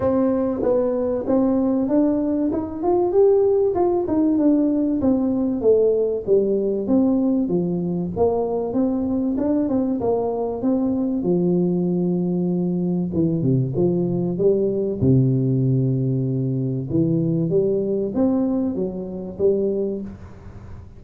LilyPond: \new Staff \with { instrumentName = "tuba" } { \time 4/4 \tempo 4 = 96 c'4 b4 c'4 d'4 | dis'8 f'8 g'4 f'8 dis'8 d'4 | c'4 a4 g4 c'4 | f4 ais4 c'4 d'8 c'8 |
ais4 c'4 f2~ | f4 e8 c8 f4 g4 | c2. e4 | g4 c'4 fis4 g4 | }